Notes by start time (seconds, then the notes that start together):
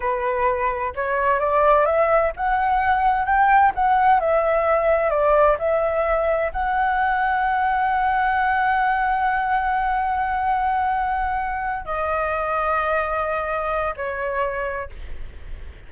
0.00 B4
0.95 C#5
1.39 D5
1.85 E5
2.36 F#5
3.25 G5
3.74 F#5
4.20 E5
5.10 D5
5.59 E5
6.52 F#5
11.85 D#5
13.96 C#5